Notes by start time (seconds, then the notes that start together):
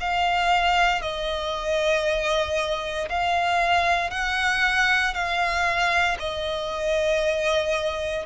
0.00 F5
1.02 D#5
3.09 F5
4.11 F#5
5.14 F5
6.19 D#5